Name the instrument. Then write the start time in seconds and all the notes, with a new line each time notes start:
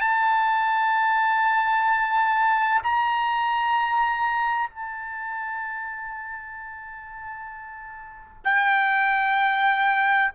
trumpet
0.00 A5
2.83 A#5
4.69 A5
8.44 G5